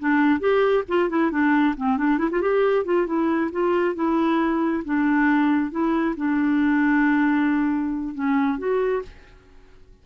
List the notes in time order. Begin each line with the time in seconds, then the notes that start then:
0.00 D4
0.40 G4
0.89 F4
1.10 E4
1.31 D4
1.77 C4
1.98 D4
2.19 E4
2.31 F4
2.42 G4
2.86 F4
3.07 E4
3.52 F4
3.95 E4
4.85 D4
5.71 E4
6.17 D4
8.15 C#4
8.59 F#4